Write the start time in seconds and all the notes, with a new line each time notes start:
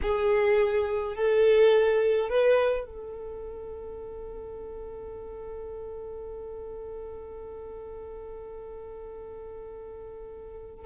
0.02 G#4
1.15 A4
2.29 B4
2.86 A4